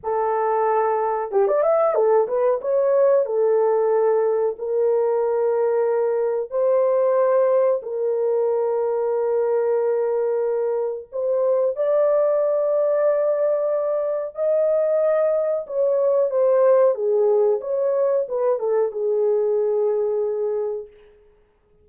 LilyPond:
\new Staff \with { instrumentName = "horn" } { \time 4/4 \tempo 4 = 92 a'2 g'16 d''16 e''8 a'8 b'8 | cis''4 a'2 ais'4~ | ais'2 c''2 | ais'1~ |
ais'4 c''4 d''2~ | d''2 dis''2 | cis''4 c''4 gis'4 cis''4 | b'8 a'8 gis'2. | }